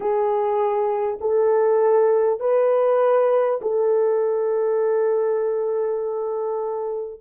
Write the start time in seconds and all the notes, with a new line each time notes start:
0.00 G#4
1.20 A4
2.40 B4
3.61 A4